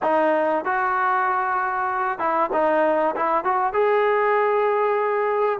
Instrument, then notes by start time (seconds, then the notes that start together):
trombone
0.02 D#4
0.64 F#4
2.18 E4
2.53 D#4
3.16 E4
3.44 F#4
3.73 G#4